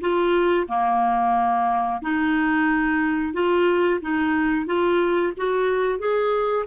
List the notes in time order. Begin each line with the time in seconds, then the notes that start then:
0.00 F4
0.68 A#3
2.02 D#4
3.33 F4
4.01 D#4
4.66 F4
5.37 F#4
5.98 G#4